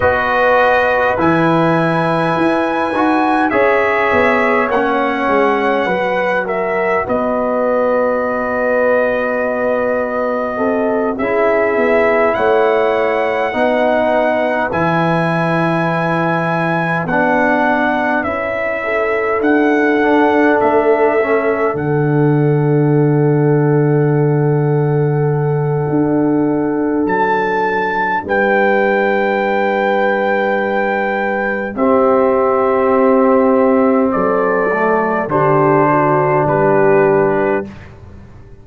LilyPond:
<<
  \new Staff \with { instrumentName = "trumpet" } { \time 4/4 \tempo 4 = 51 dis''4 gis''2 e''4 | fis''4. e''8 dis''2~ | dis''4. e''4 fis''4.~ | fis''8 gis''2 fis''4 e''8~ |
e''8 fis''4 e''4 fis''4.~ | fis''2. a''4 | g''2. e''4~ | e''4 d''4 c''4 b'4 | }
  \new Staff \with { instrumentName = "horn" } { \time 4/4 b'2. cis''4~ | cis''4 b'8 ais'8 b'2~ | b'4 a'8 gis'4 cis''4 b'8~ | b'1 |
a'1~ | a'1 | b'2. g'4~ | g'4 a'4 g'8 fis'8 g'4 | }
  \new Staff \with { instrumentName = "trombone" } { \time 4/4 fis'4 e'4. fis'8 gis'4 | cis'4 fis'2.~ | fis'4. e'2 dis'8~ | dis'8 e'2 d'4 e'8~ |
e'4 d'4 cis'8 d'4.~ | d'1~ | d'2. c'4~ | c'4. a8 d'2 | }
  \new Staff \with { instrumentName = "tuba" } { \time 4/4 b4 e4 e'8 dis'8 cis'8 b8 | ais8 gis8 fis4 b2~ | b4 c'8 cis'8 b8 a4 b8~ | b8 e2 b4 cis'8~ |
cis'8 d'4 a4 d4.~ | d2 d'4 fis4 | g2. c'4~ | c'4 fis4 d4 g4 | }
>>